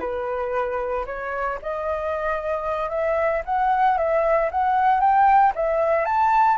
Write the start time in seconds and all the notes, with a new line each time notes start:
0.00 B4
1.06 C#5
1.62 D#5
2.90 E5
3.45 F#5
3.98 E5
4.51 F#5
5.00 G5
5.55 E5
6.05 A5